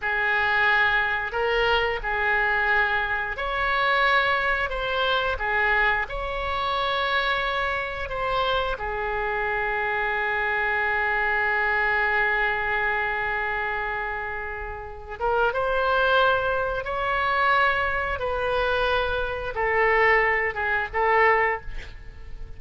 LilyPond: \new Staff \with { instrumentName = "oboe" } { \time 4/4 \tempo 4 = 89 gis'2 ais'4 gis'4~ | gis'4 cis''2 c''4 | gis'4 cis''2. | c''4 gis'2.~ |
gis'1~ | gis'2~ gis'8 ais'8 c''4~ | c''4 cis''2 b'4~ | b'4 a'4. gis'8 a'4 | }